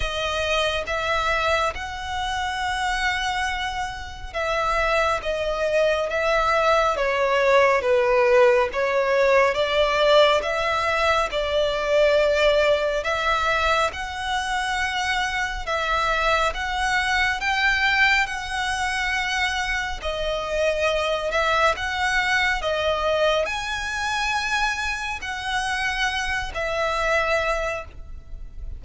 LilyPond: \new Staff \with { instrumentName = "violin" } { \time 4/4 \tempo 4 = 69 dis''4 e''4 fis''2~ | fis''4 e''4 dis''4 e''4 | cis''4 b'4 cis''4 d''4 | e''4 d''2 e''4 |
fis''2 e''4 fis''4 | g''4 fis''2 dis''4~ | dis''8 e''8 fis''4 dis''4 gis''4~ | gis''4 fis''4. e''4. | }